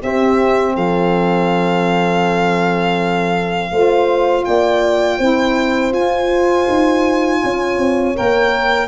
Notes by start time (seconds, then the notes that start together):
0.00 C4 G4 E5
0.75 F3 A4 F5
3.72 A3 F4 C5
4.45 A#3 D5 G5
5.19 C4 E4 C5
5.92 F4 G#5
6.69 D#4
7.44 C#4 C#5
7.78 C4
8.15 A#3 A#4 G5